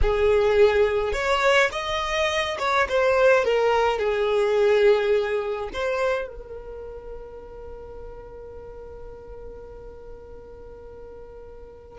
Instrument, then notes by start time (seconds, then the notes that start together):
violin
0.01 G#4
1.12 C#5
1.71 D#5
2.59 C#5
2.88 C5
3.44 A#4
3.98 G#4
5.73 C5
6.28 A#4